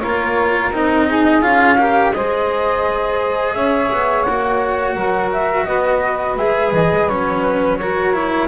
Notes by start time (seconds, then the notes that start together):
0.00 A#3 F4 A#4 C#5
0.71 C4 D#4 D#5
1.07 G#4
1.42 C#4 F4 F5
1.78 G4 A#4
2.12 G#3 G#4 C5 D#5
3.54 C#4 C#5 E5
3.92 B3
4.23 A#3 F#4 F#5
4.94 F#3 A#4
5.33 E5
5.65 B3 B4 D#5
6.36 G#3 G#4 E5
6.72 E3 D#5
6.91 G#3
7.08 F#3 C#4 C#5
7.41 B4
7.77 F#4 A#4 C#5
8.13 E4